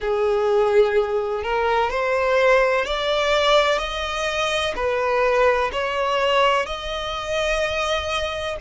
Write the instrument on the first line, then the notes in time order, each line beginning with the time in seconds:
violin
0.00 G#4
1.43 A#4
1.90 C5
2.85 D5
3.78 D#5
4.75 B4
5.72 C#5
6.66 D#5